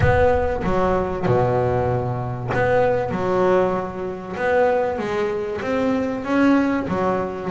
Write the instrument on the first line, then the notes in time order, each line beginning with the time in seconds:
double bass
0.00 B3
0.63 F#3
1.26 B2
2.53 B3
3.11 F#3
4.36 B3
4.98 G#3
5.61 C4
6.24 C#4
6.88 F#3